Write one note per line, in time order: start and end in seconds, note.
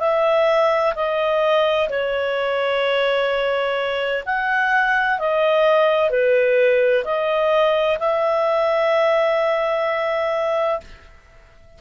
0.00 0.94 E5
0.95 1.89 D#5
1.90 4.24 C#5
4.26 5.19 F#5
5.19 6.10 D#5
6.10 7.04 B4
7.04 7.98 D#5
7.99 10.81 E5